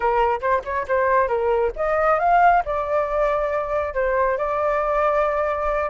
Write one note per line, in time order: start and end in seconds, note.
0.00 0.40 A#4
0.40 0.62 C5
0.64 0.86 C#5
0.88 1.28 C5
1.28 1.71 A#4
1.76 2.19 D#5
2.19 2.63 F5
2.65 3.94 D5
3.94 4.37 C5
4.37 5.90 D5